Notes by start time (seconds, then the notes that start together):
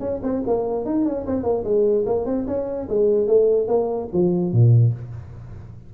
0.00 C#4
0.23 C4
0.47 A#3
0.85 D#4
1.05 C#4
1.27 C4
1.43 A#3
1.64 G#3
2.06 A#3
2.26 C4
2.47 C#4
2.89 G#3
3.27 A3
3.68 A#3
4.13 F3
4.52 A#2